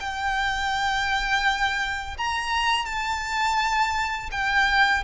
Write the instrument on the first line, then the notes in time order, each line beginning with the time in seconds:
violin
0.00 G5
2.17 A#5
2.86 A5
4.31 G5